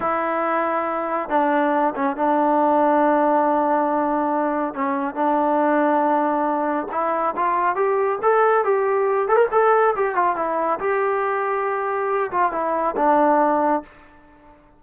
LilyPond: \new Staff \with { instrumentName = "trombone" } { \time 4/4 \tempo 4 = 139 e'2. d'4~ | d'8 cis'8 d'2.~ | d'2. cis'4 | d'1 |
e'4 f'4 g'4 a'4 | g'4. a'16 ais'16 a'4 g'8 f'8 | e'4 g'2.~ | g'8 f'8 e'4 d'2 | }